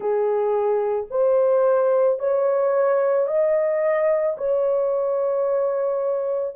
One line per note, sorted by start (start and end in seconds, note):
0.00 1.07 G#4
1.10 2.19 C5
2.19 3.27 C#5
3.27 4.36 D#5
4.37 6.55 C#5